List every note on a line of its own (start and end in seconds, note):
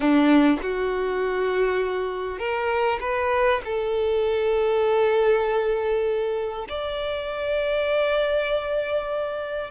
0.00 0.58 D4
0.61 2.38 F#4
2.38 2.99 A#4
3.00 3.61 B4
3.64 6.67 A4
6.68 9.70 D5